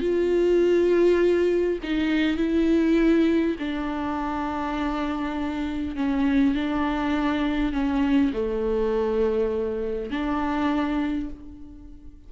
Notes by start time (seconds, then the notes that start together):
0.00 F4
1.83 D#4
2.37 E4
3.59 D4
5.96 C#4
6.55 D4
7.72 C#4
8.33 A3
10.10 D4